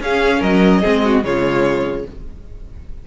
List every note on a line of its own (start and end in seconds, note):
0.00 0.41 C#4
0.00 0.83 C#4
0.00 0.39 G#4
0.00 0.42 F5
0.39 0.83 F#3
0.39 0.80 A#4
0.39 1.24 D#5
0.81 1.24 G#3
0.81 1.23 C4
0.81 1.01 G#4
1.04 1.24 F#4
1.23 2.05 C#3
1.23 2.04 G#3
1.23 2.07 F4
1.23 2.05 C#5